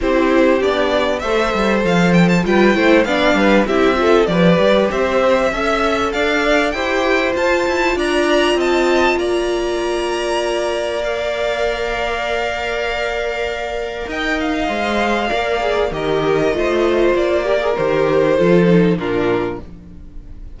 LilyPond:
<<
  \new Staff \with { instrumentName = "violin" } { \time 4/4 \tempo 4 = 98 c''4 d''4 e''4 f''8 g''16 a''16 | g''4 f''4 e''4 d''4 | e''2 f''4 g''4 | a''4 ais''4 a''4 ais''4~ |
ais''2 f''2~ | f''2. g''8 f''8~ | f''2 dis''2 | d''4 c''2 ais'4 | }
  \new Staff \with { instrumentName = "violin" } { \time 4/4 g'2 c''2 | b'8 c''8 d''8 b'8 g'8 a'8 b'4 | c''4 e''4 d''4 c''4~ | c''4 d''4 dis''4 d''4~ |
d''1~ | d''2. dis''4~ | dis''4 d''4 ais'4 c''4~ | c''8 ais'4. a'4 f'4 | }
  \new Staff \with { instrumentName = "viola" } { \time 4/4 e'4 d'4 a'2 | f'8 e'8 d'4 e'8 f'8 g'4~ | g'4 a'2 g'4 | f'1~ |
f'2 ais'2~ | ais'1 | c''4 ais'8 gis'8 g'4 f'4~ | f'8 g'16 gis'16 g'4 f'8 dis'8 d'4 | }
  \new Staff \with { instrumentName = "cello" } { \time 4/4 c'4 b4 a8 g8 f4 | g8 a8 b8 g8 c'4 f8 g8 | c'4 cis'4 d'4 e'4 | f'8 e'8 d'4 c'4 ais4~ |
ais1~ | ais2. dis'4 | gis4 ais4 dis4 a4 | ais4 dis4 f4 ais,4 | }
>>